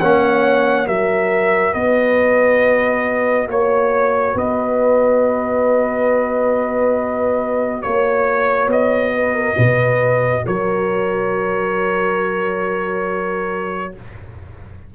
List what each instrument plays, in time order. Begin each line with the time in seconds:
0.00 tuba A#3, trombone C#4, horn C#5, trumpet F#5
0.86 tuba F#3, trombone F#4, horn A#4, trumpet E5
1.73 tuba B3, horn B4, trumpet D#5
3.48 tuba A#3, horn C#5, trumpet C#5
4.34 tuba B3, horn B4, trumpet D#5
7.82 tuba A#3, trumpet C#5, horn C#5
8.67 tuba B3, trumpet D#5
9.15 horn B4
9.34 horn A#4
9.57 tuba B2, horn B4
10.45 tuba F#3, horn A#4, trumpet C#5